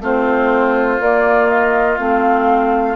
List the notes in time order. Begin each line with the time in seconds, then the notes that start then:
0.00 A3 C4 F4 C5
0.99 A#3 D5
1.49 D#5
1.97 A3 C4 F5